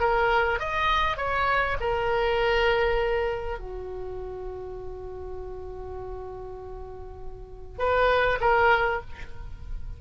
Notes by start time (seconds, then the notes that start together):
0.00 A#4
0.60 D#5
1.17 C#5
1.81 A#4
3.59 F#4
7.79 B4
8.41 A#4